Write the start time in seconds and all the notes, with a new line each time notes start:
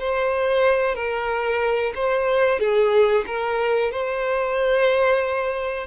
0.00 C5
0.95 A#4
1.95 C5
2.60 G#4
3.27 A#4
3.92 C5